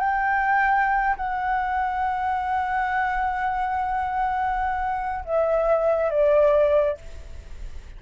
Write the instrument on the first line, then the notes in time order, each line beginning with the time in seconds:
flute
0.00 G5
1.17 F#5
5.25 E5
6.10 D5